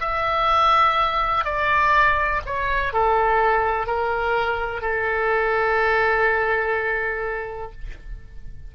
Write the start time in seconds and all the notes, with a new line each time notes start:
0.00 E5
1.45 D5
2.46 C#5
2.93 A4
3.87 A#4
4.81 A4